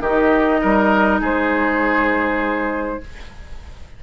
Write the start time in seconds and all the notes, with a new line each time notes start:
0.00 D#3 D#4 G4 D#5
0.62 G3 A#4
1.21 G#3 G#4 C5